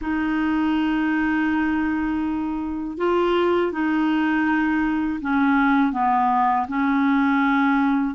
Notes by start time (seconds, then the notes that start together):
0.01 D#4
2.97 F4
3.72 D#4
5.21 C#4
5.92 B3
6.67 C#4